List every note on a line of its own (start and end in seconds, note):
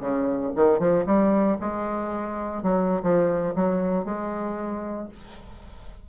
0.00 0.52 C#3
0.55 0.79 D#3
0.79 1.05 F3
1.06 1.57 G3
1.60 2.63 G#3
2.63 3.02 F#3
3.02 3.54 F3
3.55 4.05 F#3
4.05 5.08 G#3